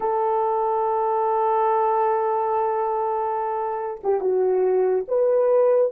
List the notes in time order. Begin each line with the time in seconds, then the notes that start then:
0.00 A4
4.03 G4
4.20 F#4
5.07 B4